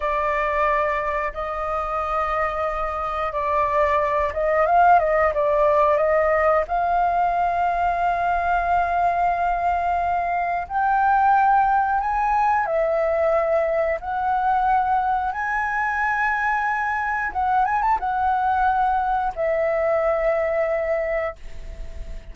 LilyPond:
\new Staff \with { instrumentName = "flute" } { \time 4/4 \tempo 4 = 90 d''2 dis''2~ | dis''4 d''4. dis''8 f''8 dis''8 | d''4 dis''4 f''2~ | f''1 |
g''2 gis''4 e''4~ | e''4 fis''2 gis''4~ | gis''2 fis''8 gis''16 a''16 fis''4~ | fis''4 e''2. | }